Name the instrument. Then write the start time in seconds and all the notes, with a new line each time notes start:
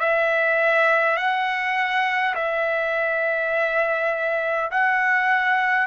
trumpet
0.00 E5
1.17 F#5
2.35 E5
4.71 F#5